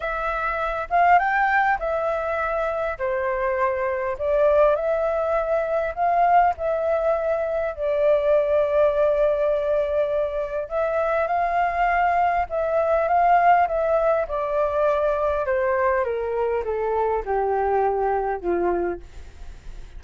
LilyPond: \new Staff \with { instrumentName = "flute" } { \time 4/4 \tempo 4 = 101 e''4. f''8 g''4 e''4~ | e''4 c''2 d''4 | e''2 f''4 e''4~ | e''4 d''2.~ |
d''2 e''4 f''4~ | f''4 e''4 f''4 e''4 | d''2 c''4 ais'4 | a'4 g'2 f'4 | }